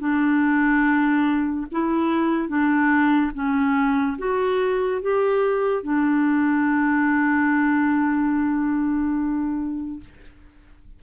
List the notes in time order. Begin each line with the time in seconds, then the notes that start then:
0.00 D4
1.72 E4
2.49 D4
3.34 C#4
4.19 F#4
5.02 G4
5.84 D4